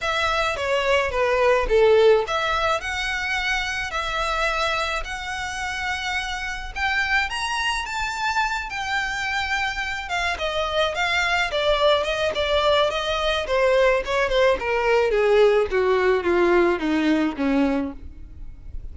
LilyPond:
\new Staff \with { instrumentName = "violin" } { \time 4/4 \tempo 4 = 107 e''4 cis''4 b'4 a'4 | e''4 fis''2 e''4~ | e''4 fis''2. | g''4 ais''4 a''4. g''8~ |
g''2 f''8 dis''4 f''8~ | f''8 d''4 dis''8 d''4 dis''4 | c''4 cis''8 c''8 ais'4 gis'4 | fis'4 f'4 dis'4 cis'4 | }